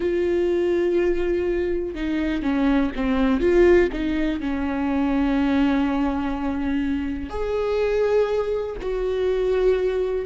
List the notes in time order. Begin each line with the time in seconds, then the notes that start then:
0.00 F4
1.94 D#4
2.42 C#4
2.95 C4
3.40 F4
3.92 D#4
4.40 C#4
7.29 G#4
8.81 F#4